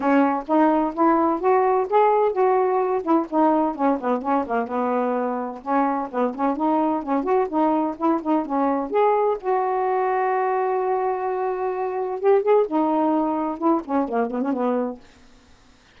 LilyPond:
\new Staff \with { instrumentName = "saxophone" } { \time 4/4 \tempo 4 = 128 cis'4 dis'4 e'4 fis'4 | gis'4 fis'4. e'8 dis'4 | cis'8 b8 cis'8 ais8 b2 | cis'4 b8 cis'8 dis'4 cis'8 fis'8 |
dis'4 e'8 dis'8 cis'4 gis'4 | fis'1~ | fis'2 g'8 gis'8 dis'4~ | dis'4 e'8 cis'8 ais8 b16 cis'16 b4 | }